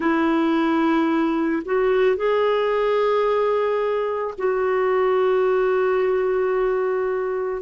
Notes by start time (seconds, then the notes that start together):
0.00 E4
1.65 F#4
2.16 G#4
4.38 F#4